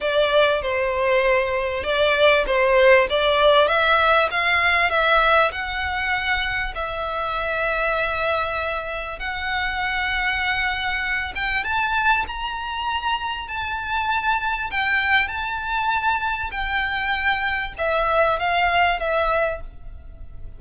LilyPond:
\new Staff \with { instrumentName = "violin" } { \time 4/4 \tempo 4 = 98 d''4 c''2 d''4 | c''4 d''4 e''4 f''4 | e''4 fis''2 e''4~ | e''2. fis''4~ |
fis''2~ fis''8 g''8 a''4 | ais''2 a''2 | g''4 a''2 g''4~ | g''4 e''4 f''4 e''4 | }